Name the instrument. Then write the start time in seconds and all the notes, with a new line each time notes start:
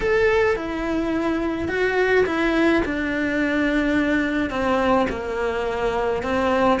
cello
0.00 A4
0.56 E4
1.68 F#4
2.26 E4
2.85 D4
4.50 C4
5.09 A#3
6.22 C4